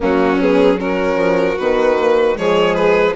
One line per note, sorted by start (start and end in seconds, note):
0.00 1.15 F#3
0.00 0.38 A#3
0.00 0.79 C#4
0.00 0.41 F#4
0.41 0.76 B3
0.41 0.79 G#4
0.76 1.55 C#4
0.76 2.38 F#4
0.76 1.58 A#4
1.15 1.55 F3
1.58 2.37 D#3
1.58 1.97 B3
1.58 2.37 B4
1.97 2.34 A#3
2.34 3.16 F3
2.34 3.13 G#3
2.34 3.16 G#4
2.34 2.74 C#5
2.74 3.14 B4